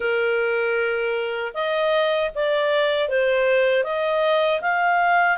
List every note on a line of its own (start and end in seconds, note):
0.00 1.52 A#4
1.53 2.30 D#5
2.34 3.08 D5
3.08 3.83 C5
3.83 4.60 D#5
4.61 5.37 F5